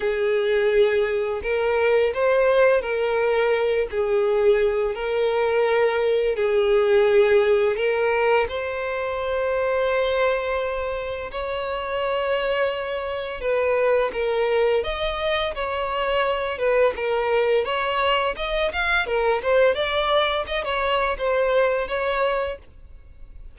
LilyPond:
\new Staff \with { instrumentName = "violin" } { \time 4/4 \tempo 4 = 85 gis'2 ais'4 c''4 | ais'4. gis'4. ais'4~ | ais'4 gis'2 ais'4 | c''1 |
cis''2. b'4 | ais'4 dis''4 cis''4. b'8 | ais'4 cis''4 dis''8 f''8 ais'8 c''8 | d''4 dis''16 cis''8. c''4 cis''4 | }